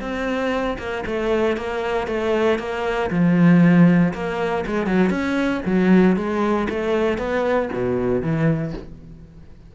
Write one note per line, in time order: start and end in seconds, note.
0.00 0.77 C4
0.78 1.04 A#3
1.06 1.57 A3
1.57 2.07 A#3
2.07 2.59 A3
2.59 3.10 A#3
3.10 4.13 F3
4.13 4.65 A#3
4.66 4.86 G#3
4.86 5.10 F#3
5.10 5.61 C#4
5.65 6.16 F#3
6.16 6.68 G#3
6.69 7.18 A3
7.18 7.69 B3
7.72 8.22 B2
8.22 8.73 E3